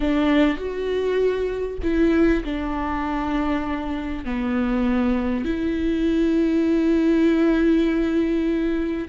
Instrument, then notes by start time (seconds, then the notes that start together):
viola
0.00 D4
0.57 F#4
1.83 E4
2.44 D4
4.24 B3
5.44 E4